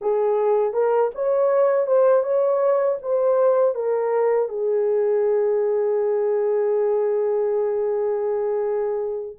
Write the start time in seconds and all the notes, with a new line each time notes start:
0.01 G#4
0.73 A#4
1.14 C#5
1.86 C5
2.23 C#5
3.01 C5
3.74 A#4
4.49 G#4